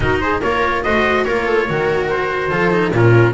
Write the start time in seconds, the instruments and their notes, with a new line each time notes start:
0.00 cello D#4, double bass D#4, viola F#4, trumpet A#4
0.20 viola G#4, trumpet C5
0.41 double bass A#3, cello F4, viola A#4, trumpet C#5
0.83 double bass A3, cello F#4, viola C5, trumpet D#5
1.24 double bass A#3, cello F4, viola A#4, trumpet C#5
1.45 viola A4
1.67 double bass D#3, cello F#4, viola A#4
2.10 trumpet C5
2.50 double bass F3, cello F4, viola A4
2.70 cello D#4
2.91 double bass A#2, cello C#4, viola F4, trumpet A#4